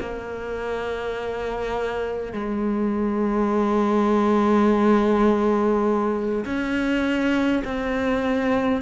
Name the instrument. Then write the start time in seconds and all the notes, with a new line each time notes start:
cello
0.00 A#3
2.33 G#3
6.45 C#4
7.65 C4